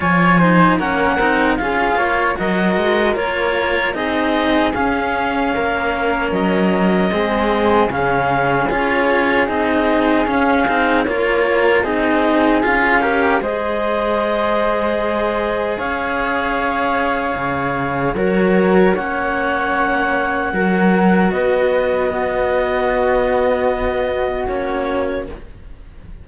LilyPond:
<<
  \new Staff \with { instrumentName = "clarinet" } { \time 4/4 \tempo 4 = 76 gis''4 fis''4 f''4 dis''4 | cis''4 dis''4 f''2 | dis''2 f''4 cis''4 | dis''4 f''4 cis''4 dis''4 |
f''4 dis''2. | f''2. cis''4 | fis''2. dis''4~ | dis''2. cis''4 | }
  \new Staff \with { instrumentName = "flute" } { \time 4/4 cis''8 c''8 ais'4 gis'8 cis''8 ais'4~ | ais'4 gis'2 ais'4~ | ais'4 gis'2.~ | gis'2 ais'4 gis'4~ |
gis'8 ais'8 c''2. | cis''2. ais'4 | cis''2 ais'4 b'4 | fis'1 | }
  \new Staff \with { instrumentName = "cello" } { \time 4/4 f'8 dis'8 cis'8 dis'8 f'4 fis'4 | f'4 dis'4 cis'2~ | cis'4 c'4 cis'4 f'4 | dis'4 cis'8 dis'8 f'4 dis'4 |
f'8 g'8 gis'2.~ | gis'2. fis'4 | cis'2 fis'2 | b2. cis'4 | }
  \new Staff \with { instrumentName = "cello" } { \time 4/4 f4 ais8 c'8 cis'8 ais8 fis8 gis8 | ais4 c'4 cis'4 ais4 | fis4 gis4 cis4 cis'4 | c'4 cis'8 c'8 ais4 c'4 |
cis'4 gis2. | cis'2 cis4 fis4 | ais2 fis4 b4~ | b2. ais4 | }
>>